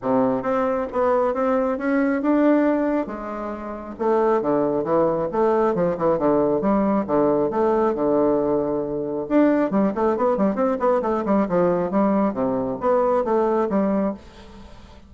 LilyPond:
\new Staff \with { instrumentName = "bassoon" } { \time 4/4 \tempo 4 = 136 c4 c'4 b4 c'4 | cis'4 d'2 gis4~ | gis4 a4 d4 e4 | a4 f8 e8 d4 g4 |
d4 a4 d2~ | d4 d'4 g8 a8 b8 g8 | c'8 b8 a8 g8 f4 g4 | c4 b4 a4 g4 | }